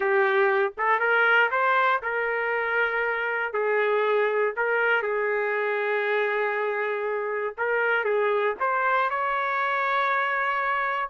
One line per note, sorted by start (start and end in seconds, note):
0.00 0.72 G4
0.77 0.99 A4
0.99 1.50 A#4
1.50 2.01 C5
2.02 3.53 A#4
3.53 4.54 G#4
4.56 5.02 A#4
5.02 7.54 G#4
7.57 8.04 A#4
8.04 8.54 G#4
8.60 9.10 C5
9.10 11.09 C#5